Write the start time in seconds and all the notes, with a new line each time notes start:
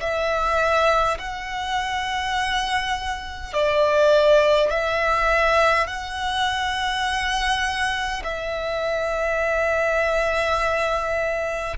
0.00 E5
1.18 F#5
3.53 D5
4.70 E5
5.87 F#5
8.24 E5